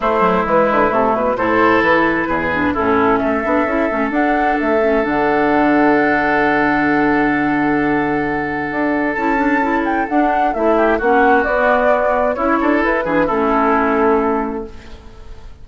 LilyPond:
<<
  \new Staff \with { instrumentName = "flute" } { \time 4/4 \tempo 4 = 131 c''4 b'4 a'8 b'8 c''4 | b'2 a'4 e''4~ | e''4 fis''4 e''4 fis''4~ | fis''1~ |
fis''1 | a''4. g''8 fis''4 e''4 | fis''4 d''2 cis''4 | b'4 a'2. | }
  \new Staff \with { instrumentName = "oboe" } { \time 4/4 e'2. a'4~ | a'4 gis'4 e'4 a'4~ | a'1~ | a'1~ |
a'1~ | a'2.~ a'8 g'8 | fis'2. e'8 a'8~ | a'8 gis'8 e'2. | }
  \new Staff \with { instrumentName = "clarinet" } { \time 4/4 a8 fis8 gis4 a4 e'4~ | e'4. d'8 cis'4. d'8 | e'8 cis'8 d'4. cis'8 d'4~ | d'1~ |
d'1 | e'8 d'8 e'4 d'4 e'4 | cis'4 b2 e'4~ | e'8 d'8 cis'2. | }
  \new Staff \with { instrumentName = "bassoon" } { \time 4/4 a4 e8 d8 c8 b,8 a,4 | e4 e,4 a,4 a8 b8 | cis'8 a8 d'4 a4 d4~ | d1~ |
d2. d'4 | cis'2 d'4 a4 | ais4 b2 cis'8 d'8 | e'8 e8 a2. | }
>>